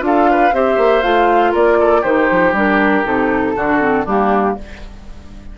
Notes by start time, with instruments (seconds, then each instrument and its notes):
0.00 bassoon D4, clarinet F4, flute F5
0.06 oboe A4
0.31 oboe B4
0.52 bassoon C4, clarinet G4, oboe C5, flute E5
0.77 bassoon A#3
1.03 bassoon A3, clarinet F4, flute F5
1.52 bassoon A#3, oboe A#4, flute D5
1.80 oboe A4
2.01 bassoon D#3, clarinet D#4, oboe G4, flute C5
2.31 bassoon F3
2.53 bassoon G3, clarinet D4, flute A#4
3.04 bassoon C3, clarinet D#4, flute A4
3.56 bassoon D3, clarinet D4, oboe F#4
3.80 clarinet C4
4.05 bassoon G3, clarinet A#3, oboe D4, flute G4